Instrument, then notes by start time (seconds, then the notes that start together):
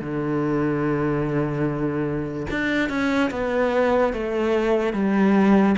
cello
0.00 D3
2.50 D4
2.89 C#4
3.31 B3
4.13 A3
4.93 G3